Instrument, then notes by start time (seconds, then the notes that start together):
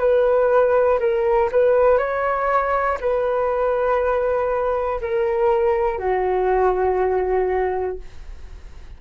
flute
0.00 B4
1.00 A#4
1.52 B4
1.99 C#5
3.01 B4
5.02 A#4
5.99 F#4